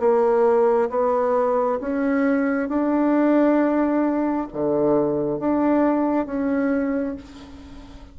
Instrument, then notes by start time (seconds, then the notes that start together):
bassoon
0.00 A#3
0.90 B3
1.81 C#4
2.69 D4
4.53 D3
5.40 D4
6.26 C#4